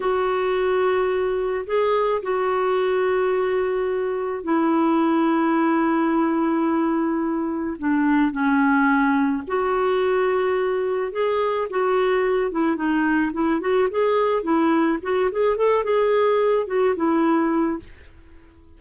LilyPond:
\new Staff \with { instrumentName = "clarinet" } { \time 4/4 \tempo 4 = 108 fis'2. gis'4 | fis'1 | e'1~ | e'2 d'4 cis'4~ |
cis'4 fis'2. | gis'4 fis'4. e'8 dis'4 | e'8 fis'8 gis'4 e'4 fis'8 gis'8 | a'8 gis'4. fis'8 e'4. | }